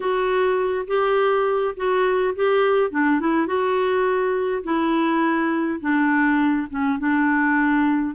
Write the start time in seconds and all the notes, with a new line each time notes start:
0.00 F#4
0.87 G4
1.76 F#4
2.35 G4
2.90 D4
3.20 E4
3.47 F#4
4.63 E4
5.80 D4
6.69 C#4
6.98 D4